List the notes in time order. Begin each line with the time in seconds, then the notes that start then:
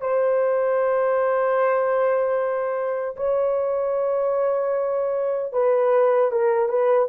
0.00 C5
3.16 C#5
5.53 B4
6.31 A#4
6.69 B4